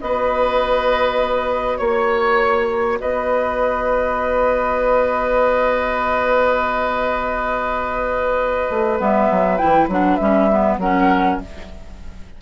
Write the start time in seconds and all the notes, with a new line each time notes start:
0.00 B3 F#4 B4 D#5
1.77 A#3 C#5
3.00 B3 B4 D#5
8.69 A3
8.98 G3 B3 E5
9.30 F#3
9.57 E3 E4 G5
9.87 F#3 D4 F#5
10.16 G3 C#4 E5
10.51 B3
10.77 F#3 C#4 A#4 F#5